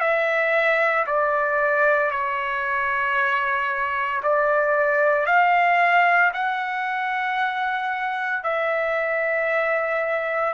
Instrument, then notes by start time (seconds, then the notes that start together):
trumpet
0.00 E5
1.07 D5
2.11 C#5
4.23 D5
5.26 F5
6.33 F#5
8.44 E5